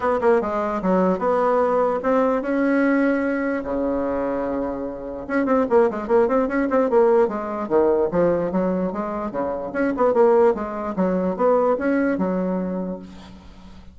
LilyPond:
\new Staff \with { instrumentName = "bassoon" } { \time 4/4 \tempo 4 = 148 b8 ais8 gis4 fis4 b4~ | b4 c'4 cis'2~ | cis'4 cis2.~ | cis4 cis'8 c'8 ais8 gis8 ais8 c'8 |
cis'8 c'8 ais4 gis4 dis4 | f4 fis4 gis4 cis4 | cis'8 b8 ais4 gis4 fis4 | b4 cis'4 fis2 | }